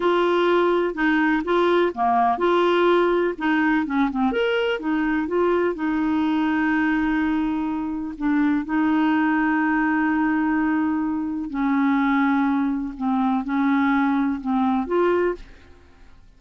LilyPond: \new Staff \with { instrumentName = "clarinet" } { \time 4/4 \tempo 4 = 125 f'2 dis'4 f'4 | ais4 f'2 dis'4 | cis'8 c'8 ais'4 dis'4 f'4 | dis'1~ |
dis'4 d'4 dis'2~ | dis'1 | cis'2. c'4 | cis'2 c'4 f'4 | }